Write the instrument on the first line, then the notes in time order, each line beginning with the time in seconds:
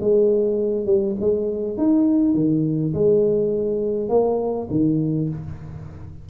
tuba
0.00 G#3
0.86 G3
1.20 G#3
1.77 D#4
2.34 D#3
2.94 G#3
4.09 A#3
4.70 D#3